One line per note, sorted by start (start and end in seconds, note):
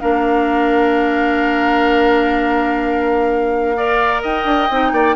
0.00 4.24 A#3
0.00 3.76 D4
0.00 3.76 A#4
0.00 4.22 F5
3.76 4.70 A#4
3.76 4.22 D5
4.22 4.44 D#4
4.22 4.92 D#5
4.22 5.16 G5
4.44 4.68 D4
4.70 4.92 C4
4.70 5.16 D#4
4.92 5.15 A#3
4.92 5.16 D5